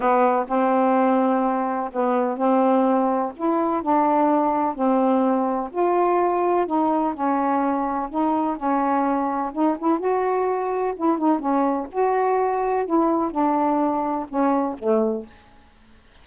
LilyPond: \new Staff \with { instrumentName = "saxophone" } { \time 4/4 \tempo 4 = 126 b4 c'2. | b4 c'2 e'4 | d'2 c'2 | f'2 dis'4 cis'4~ |
cis'4 dis'4 cis'2 | dis'8 e'8 fis'2 e'8 dis'8 | cis'4 fis'2 e'4 | d'2 cis'4 a4 | }